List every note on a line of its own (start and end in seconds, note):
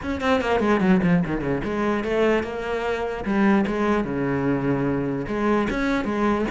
0.02 0.20 C#4
0.20 0.41 C4
0.41 0.60 A#3
0.60 0.80 G#3
0.80 1.00 F#3
1.03 1.23 F3
1.25 1.41 D#3
1.41 1.61 C#3
1.64 2.04 G#3
2.04 2.43 A3
2.43 3.24 A#3
3.24 3.65 G3
3.67 4.04 G#3
4.04 5.26 C#3
5.27 5.68 G#3
5.70 6.04 C#4
6.04 6.45 G#3